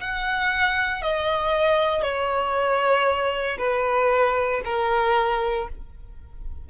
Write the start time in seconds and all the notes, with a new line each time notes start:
0.00 F#5
1.02 D#5
2.02 C#5
3.58 B4
4.65 A#4